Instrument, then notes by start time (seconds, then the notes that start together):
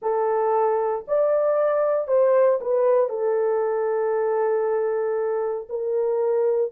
horn
0.01 A4
1.07 D5
2.07 C5
2.60 B4
3.09 A4
5.69 A#4